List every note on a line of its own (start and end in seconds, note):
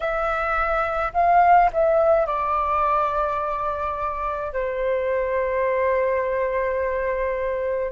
0.00 1.12 E5
1.13 1.70 F5
1.72 2.26 E5
2.26 4.52 D5
4.52 7.91 C5